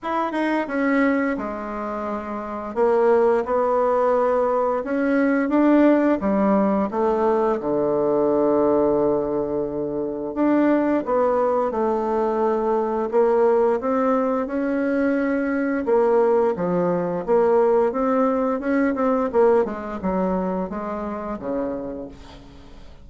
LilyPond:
\new Staff \with { instrumentName = "bassoon" } { \time 4/4 \tempo 4 = 87 e'8 dis'8 cis'4 gis2 | ais4 b2 cis'4 | d'4 g4 a4 d4~ | d2. d'4 |
b4 a2 ais4 | c'4 cis'2 ais4 | f4 ais4 c'4 cis'8 c'8 | ais8 gis8 fis4 gis4 cis4 | }